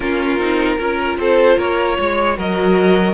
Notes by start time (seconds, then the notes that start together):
0.00 A#3 C#4 F4 A#4
0.38 C4 D#4
0.77 C#4 F4 A#4
1.17 C4 A4 C5
1.57 A#3 A#4 C#5
1.97 G#3 C#5
2.35 F#3 F#4 A#4 D#5